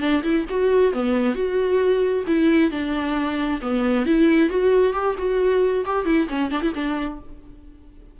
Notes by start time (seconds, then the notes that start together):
0.00 D4
0.23 E4
0.49 F#4
0.93 B3
1.35 F#4
2.27 E4
2.71 D4
3.61 B3
4.06 E4
4.49 F#4
4.93 G4
5.18 F#4
5.85 G4
6.05 E4
6.28 C#4
6.51 D4
6.61 E4
6.74 D4